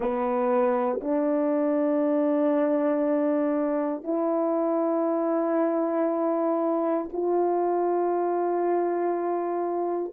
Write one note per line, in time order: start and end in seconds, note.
0.00 1.00 B3
1.00 4.03 D4
4.03 7.08 E4
7.12 10.12 F4